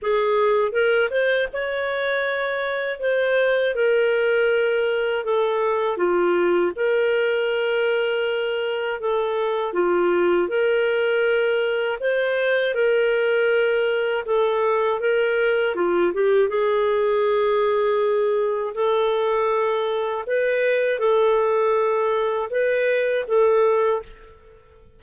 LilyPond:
\new Staff \with { instrumentName = "clarinet" } { \time 4/4 \tempo 4 = 80 gis'4 ais'8 c''8 cis''2 | c''4 ais'2 a'4 | f'4 ais'2. | a'4 f'4 ais'2 |
c''4 ais'2 a'4 | ais'4 f'8 g'8 gis'2~ | gis'4 a'2 b'4 | a'2 b'4 a'4 | }